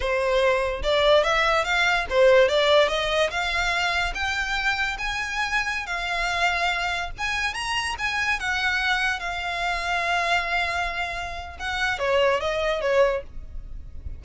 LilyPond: \new Staff \with { instrumentName = "violin" } { \time 4/4 \tempo 4 = 145 c''2 d''4 e''4 | f''4 c''4 d''4 dis''4 | f''2 g''2 | gis''2~ gis''16 f''4.~ f''16~ |
f''4~ f''16 gis''4 ais''4 gis''8.~ | gis''16 fis''2 f''4.~ f''16~ | f''1 | fis''4 cis''4 dis''4 cis''4 | }